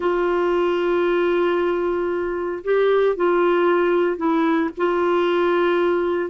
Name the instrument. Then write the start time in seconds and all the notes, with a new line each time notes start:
clarinet
0.00 F4
2.64 G4
3.16 F4
4.17 E4
4.77 F4